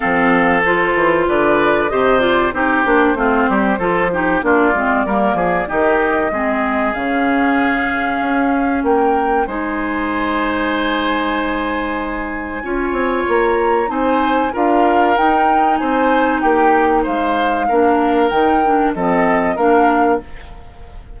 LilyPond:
<<
  \new Staff \with { instrumentName = "flute" } { \time 4/4 \tempo 4 = 95 f''4 c''4 d''4 dis''8 d''8 | c''2. d''4~ | d''4 dis''2 f''4~ | f''2 g''4 gis''4~ |
gis''1~ | gis''4 ais''4 gis''4 f''4 | g''4 gis''4 g''4 f''4~ | f''4 g''4 dis''4 f''4 | }
  \new Staff \with { instrumentName = "oboe" } { \time 4/4 a'2 b'4 c''4 | g'4 f'8 g'8 a'8 g'8 f'4 | ais'8 gis'8 g'4 gis'2~ | gis'2 ais'4 c''4~ |
c''1 | cis''2 c''4 ais'4~ | ais'4 c''4 g'4 c''4 | ais'2 a'4 ais'4 | }
  \new Staff \with { instrumentName = "clarinet" } { \time 4/4 c'4 f'2 g'8 f'8 | dis'8 d'8 c'4 f'8 dis'8 d'8 c'8 | ais4 dis'4 c'4 cis'4~ | cis'2. dis'4~ |
dis'1 | f'2 dis'4 f'4 | dis'1 | d'4 dis'8 d'8 c'4 d'4 | }
  \new Staff \with { instrumentName = "bassoon" } { \time 4/4 f4. e8 d4 c4 | c'8 ais8 a8 g8 f4 ais8 gis8 | g8 f8 dis4 gis4 cis4~ | cis4 cis'4 ais4 gis4~ |
gis1 | cis'8 c'8 ais4 c'4 d'4 | dis'4 c'4 ais4 gis4 | ais4 dis4 f4 ais4 | }
>>